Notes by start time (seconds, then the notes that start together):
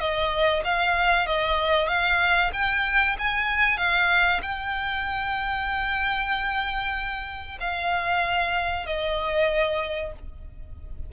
0.00 D#5
0.64 F5
1.27 D#5
1.88 F5
2.53 G5
3.19 G#5
3.78 F5
4.42 G5
7.60 F5
8.86 D#5